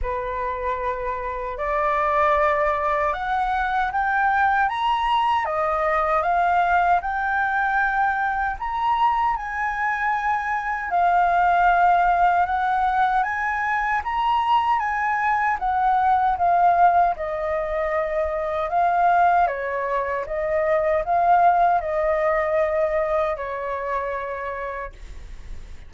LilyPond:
\new Staff \with { instrumentName = "flute" } { \time 4/4 \tempo 4 = 77 b'2 d''2 | fis''4 g''4 ais''4 dis''4 | f''4 g''2 ais''4 | gis''2 f''2 |
fis''4 gis''4 ais''4 gis''4 | fis''4 f''4 dis''2 | f''4 cis''4 dis''4 f''4 | dis''2 cis''2 | }